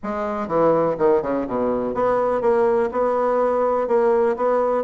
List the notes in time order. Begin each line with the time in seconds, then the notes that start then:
0.03 G#3
0.47 E3
0.98 D#3
1.22 C#3
1.47 B2
1.94 B3
2.41 A#3
2.91 B3
3.87 A#3
4.36 B3